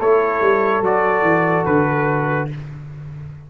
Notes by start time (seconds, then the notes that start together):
0.00 A3 E4 A4 C#5
0.41 G3
0.81 F#3 F#4 D5
1.22 E3
1.66 D3 B4